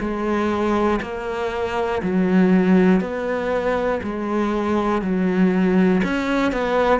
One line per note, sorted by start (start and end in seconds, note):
0.00 1.00 G#3
1.02 2.02 A#3
2.02 3.01 F#3
3.01 4.01 B3
4.03 5.02 G#3
5.02 6.02 F#3
6.04 6.52 C#4
6.52 7.00 B3